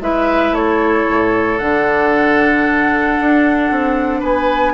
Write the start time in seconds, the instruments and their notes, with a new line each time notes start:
0.00 bassoon G#3, clarinet E4, oboe B4, flute E5
0.51 bassoon A3, oboe A4, flute C#5
1.09 bassoon A2
1.58 bassoon D3, clarinet D4, flute F#5
3.20 bassoon D4
3.71 bassoon C4
4.19 bassoon B3, oboe B4, flute G#5